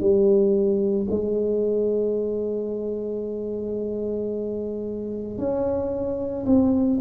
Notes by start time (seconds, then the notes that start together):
0.00 G3
1.11 G#3
5.38 C#4
6.46 C4